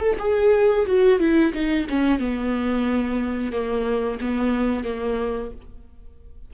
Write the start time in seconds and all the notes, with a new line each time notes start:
0.00 A4
0.19 G#4
0.86 F#4
1.19 E4
1.53 D#4
1.89 C#4
2.19 B3
3.52 A#3
4.21 B3
4.84 A#3